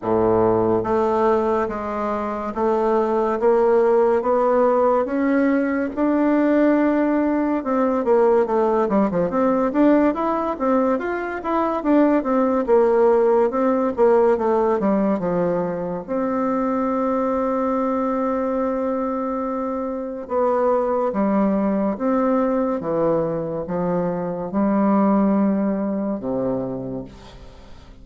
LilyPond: \new Staff \with { instrumentName = "bassoon" } { \time 4/4 \tempo 4 = 71 a,4 a4 gis4 a4 | ais4 b4 cis'4 d'4~ | d'4 c'8 ais8 a8 g16 f16 c'8 d'8 | e'8 c'8 f'8 e'8 d'8 c'8 ais4 |
c'8 ais8 a8 g8 f4 c'4~ | c'1 | b4 g4 c'4 e4 | f4 g2 c4 | }